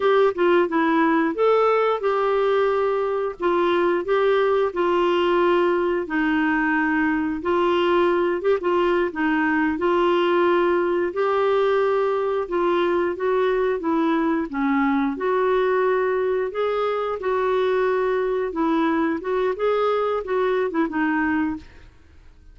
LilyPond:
\new Staff \with { instrumentName = "clarinet" } { \time 4/4 \tempo 4 = 89 g'8 f'8 e'4 a'4 g'4~ | g'4 f'4 g'4 f'4~ | f'4 dis'2 f'4~ | f'8 g'16 f'8. dis'4 f'4.~ |
f'8 g'2 f'4 fis'8~ | fis'8 e'4 cis'4 fis'4.~ | fis'8 gis'4 fis'2 e'8~ | e'8 fis'8 gis'4 fis'8. e'16 dis'4 | }